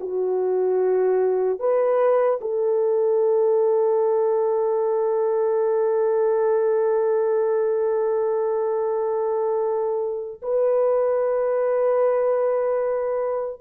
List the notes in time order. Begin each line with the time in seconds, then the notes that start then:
0.00 F#4
1.59 B4
2.41 A4
10.43 B4